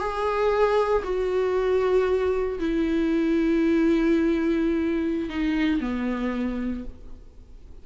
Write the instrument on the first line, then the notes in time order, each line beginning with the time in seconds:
viola
0.00 G#4
1.04 F#4
2.60 E4
5.30 D#4
5.81 B3